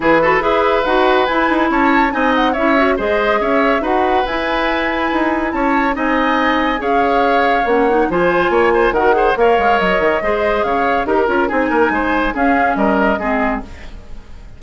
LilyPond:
<<
  \new Staff \with { instrumentName = "flute" } { \time 4/4 \tempo 4 = 141 b'4 e''4 fis''4 gis''4 | a''4 gis''8 fis''8 e''4 dis''4 | e''4 fis''4 gis''2~ | gis''4 a''4 gis''2 |
f''2 fis''4 gis''4~ | gis''4 fis''4 f''4 dis''4~ | dis''4 f''4 ais'4 gis''4~ | gis''4 f''4 dis''2 | }
  \new Staff \with { instrumentName = "oboe" } { \time 4/4 gis'8 a'8 b'2. | cis''4 dis''4 cis''4 c''4 | cis''4 b'2.~ | b'4 cis''4 dis''2 |
cis''2. c''4 | cis''8 c''8 ais'8 c''8 cis''2 | c''4 cis''4 ais'4 gis'8 ais'8 | c''4 gis'4 ais'4 gis'4 | }
  \new Staff \with { instrumentName = "clarinet" } { \time 4/4 e'8 fis'8 gis'4 fis'4 e'4~ | e'4 dis'4 e'8 fis'8 gis'4~ | gis'4 fis'4 e'2~ | e'2 dis'2 |
gis'2 cis'8 dis'8 f'4~ | f'4 fis'8 gis'8 ais'2 | gis'2 g'8 f'8 dis'4~ | dis'4 cis'2 c'4 | }
  \new Staff \with { instrumentName = "bassoon" } { \time 4/4 e4 e'4 dis'4 e'8 dis'8 | cis'4 c'4 cis'4 gis4 | cis'4 dis'4 e'2 | dis'4 cis'4 c'2 |
cis'2 ais4 f4 | ais4 dis4 ais8 gis8 fis8 dis8 | gis4 cis4 dis'8 cis'8 c'8 ais8 | gis4 cis'4 g4 gis4 | }
>>